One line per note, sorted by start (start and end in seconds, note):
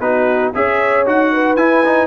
0.00 0.52 B3
0.00 0.54 D#4
0.00 0.53 F#4
0.00 0.52 B4
0.54 1.07 C#4
0.54 1.06 G#4
0.54 1.32 C#5
0.54 1.07 E5
1.06 1.57 D#4
1.06 1.57 F#4
1.06 1.56 F#5
1.32 2.07 B4
1.56 2.07 E4
1.56 1.83 E4
1.56 2.07 G#5
1.85 2.07 D#4